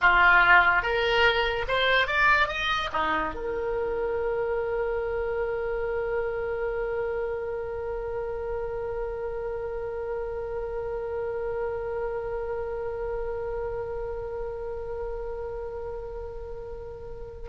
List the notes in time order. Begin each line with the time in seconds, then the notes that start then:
0.01 F4
0.82 A#4
1.67 C5
2.07 D5
2.48 D#5
2.92 D#4
3.34 A#4